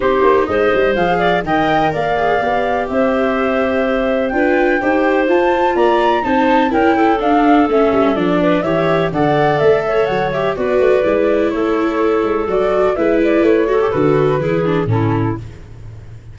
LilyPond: <<
  \new Staff \with { instrumentName = "flute" } { \time 4/4 \tempo 4 = 125 c''4 dis''4 f''4 g''4 | f''2 e''2~ | e''4 g''2 a''4 | ais''4 a''4 g''4 f''4 |
e''4 d''4 e''4 fis''4 | e''4 fis''8 e''8 d''2 | cis''2 d''4 e''8 d''8 | cis''4 b'2 a'4 | }
  \new Staff \with { instrumentName = "clarinet" } { \time 4/4 g'4 c''4. d''8 dis''4 | d''2 c''2~ | c''4 b'4 c''2 | d''4 c''4 ais'8 a'4.~ |
a'4. b'8 cis''4 d''4~ | d''8 cis''4. b'2 | a'2. b'4~ | b'8 a'4. gis'4 e'4 | }
  \new Staff \with { instrumentName = "viola" } { \time 4/4 dis'2 gis'4 ais'4~ | ais'8 gis'8 g'2.~ | g'4 f'4 g'4 f'4~ | f'4 dis'4 e'4 d'4 |
cis'4 d'4 g'4 a'4~ | a'4. g'8 fis'4 e'4~ | e'2 fis'4 e'4~ | e'8 fis'16 g'16 fis'4 e'8 d'8 cis'4 | }
  \new Staff \with { instrumentName = "tuba" } { \time 4/4 c'8 ais8 gis8 g8 f4 dis4 | ais4 b4 c'2~ | c'4 d'4 dis'4 f'4 | ais4 c'4 cis'4 d'4 |
a8 g8 f4 e4 d4 | a4 fis4 b8 a8 gis4 | a4. gis8 fis4 gis4 | a4 d4 e4 a,4 | }
>>